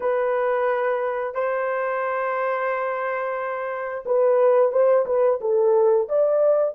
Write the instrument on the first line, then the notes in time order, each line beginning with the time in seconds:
horn
0.00 B4
1.34 C5
4.05 B4
4.72 C5
5.06 B4
5.40 A4
6.08 D5